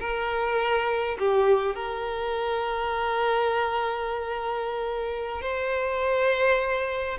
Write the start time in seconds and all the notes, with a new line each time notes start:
0.00 A#4
1.19 G4
1.75 A#4
5.42 C5